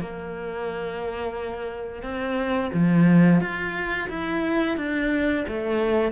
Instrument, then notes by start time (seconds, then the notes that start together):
cello
0.00 A#3
2.03 C4
2.73 F3
3.41 F4
4.09 E4
4.77 D4
5.48 A3